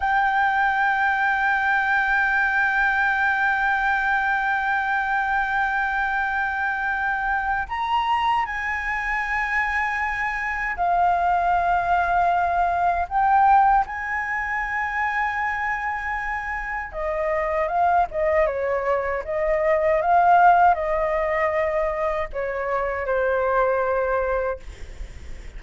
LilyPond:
\new Staff \with { instrumentName = "flute" } { \time 4/4 \tempo 4 = 78 g''1~ | g''1~ | g''2 ais''4 gis''4~ | gis''2 f''2~ |
f''4 g''4 gis''2~ | gis''2 dis''4 f''8 dis''8 | cis''4 dis''4 f''4 dis''4~ | dis''4 cis''4 c''2 | }